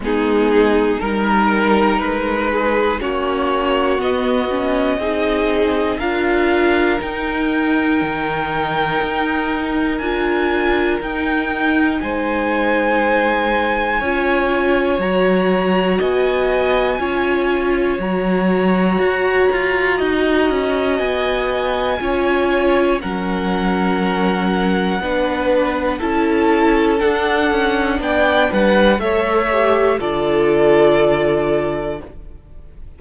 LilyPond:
<<
  \new Staff \with { instrumentName = "violin" } { \time 4/4 \tempo 4 = 60 gis'4 ais'4 b'4 cis''4 | dis''2 f''4 g''4~ | g''2 gis''4 g''4 | gis''2. ais''4 |
gis''2 ais''2~ | ais''4 gis''2 fis''4~ | fis''2 a''4 fis''4 | g''8 fis''8 e''4 d''2 | }
  \new Staff \with { instrumentName = "violin" } { \time 4/4 dis'4 ais'4. gis'8 fis'4~ | fis'4 gis'4 ais'2~ | ais'1 | c''2 cis''2 |
dis''4 cis''2. | dis''2 cis''4 ais'4~ | ais'4 b'4 a'2 | d''8 b'8 cis''4 a'2 | }
  \new Staff \with { instrumentName = "viola" } { \time 4/4 b4 dis'2 cis'4 | b8 cis'8 dis'4 f'4 dis'4~ | dis'2 f'4 dis'4~ | dis'2 f'4 fis'4~ |
fis'4 f'4 fis'2~ | fis'2 f'4 cis'4~ | cis'4 d'4 e'4 d'4~ | d'4 a'8 g'8 f'2 | }
  \new Staff \with { instrumentName = "cello" } { \time 4/4 gis4 g4 gis4 ais4 | b4 c'4 d'4 dis'4 | dis4 dis'4 d'4 dis'4 | gis2 cis'4 fis4 |
b4 cis'4 fis4 fis'8 f'8 | dis'8 cis'8 b4 cis'4 fis4~ | fis4 b4 cis'4 d'8 cis'8 | b8 g8 a4 d2 | }
>>